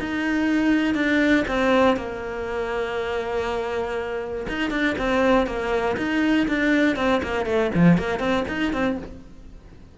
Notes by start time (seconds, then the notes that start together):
0.00 D#4
0.95 D4
1.48 C4
1.97 A#3
4.49 D#4
4.71 D4
4.98 C4
5.47 A#3
5.97 D#4
6.48 D4
6.96 C4
7.23 A#3
7.46 A3
7.75 F3
7.98 A#3
8.20 C4
8.48 D#4
8.73 C4